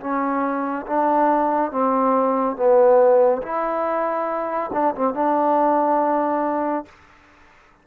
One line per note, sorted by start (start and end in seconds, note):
0.00 0.86 C#4
0.86 1.71 D4
1.71 2.56 C4
2.56 3.42 B3
3.42 4.71 E4
4.73 4.94 D4
4.95 5.14 C4
5.14 6.85 D4